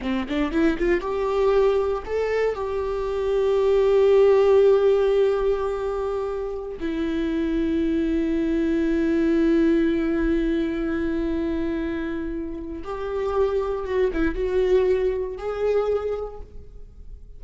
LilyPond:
\new Staff \with { instrumentName = "viola" } { \time 4/4 \tempo 4 = 117 c'8 d'8 e'8 f'8 g'2 | a'4 g'2.~ | g'1~ | g'4~ g'16 e'2~ e'8.~ |
e'1~ | e'1~ | e'4 g'2 fis'8 e'8 | fis'2 gis'2 | }